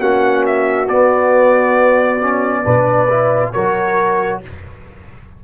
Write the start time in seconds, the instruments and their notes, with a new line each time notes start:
0.00 tuba A#3, trombone C#4, horn F#4, trumpet F#5
0.47 trumpet E5
0.88 tuba B3, trombone B3, trumpet D5
2.21 trombone C#4
2.64 tuba B2, trombone D4, horn B4
3.10 trombone E4
3.52 tuba F#3, trombone F#4, horn A#4, trumpet C#5